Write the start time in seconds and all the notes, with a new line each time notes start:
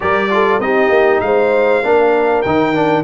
0.00 G3 G4 A#4 D5
0.30 F4 A4
0.59 C4 D#4 G4 D#5
0.89 A#3
1.20 G#3 C5 F5
1.83 A#3 D4 A#4
2.42 D#3 D#4 G5
2.74 D4